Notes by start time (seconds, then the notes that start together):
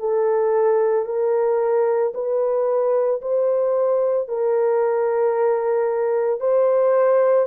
0.00 A4
1.06 A#4
2.14 B4
3.22 C5
4.28 A#4
6.40 C5